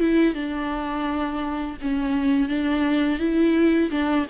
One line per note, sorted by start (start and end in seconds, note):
0.00 0.35 E4
0.35 1.78 D4
1.82 2.49 C#4
2.49 3.19 D4
3.19 3.91 E4
3.91 4.27 D4